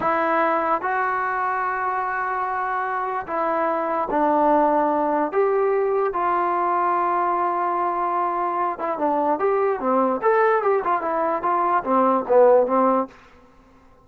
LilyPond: \new Staff \with { instrumentName = "trombone" } { \time 4/4 \tempo 4 = 147 e'2 fis'2~ | fis'1 | e'2 d'2~ | d'4 g'2 f'4~ |
f'1~ | f'4. e'8 d'4 g'4 | c'4 a'4 g'8 f'8 e'4 | f'4 c'4 b4 c'4 | }